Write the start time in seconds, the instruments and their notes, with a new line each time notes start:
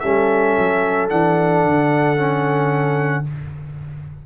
0.00 tuba G3, trombone C#4, horn A4, trumpet E5
0.58 tuba F#3
1.10 tuba E3, trombone D4, trumpet F#5
1.65 tuba D3
2.17 trombone C#4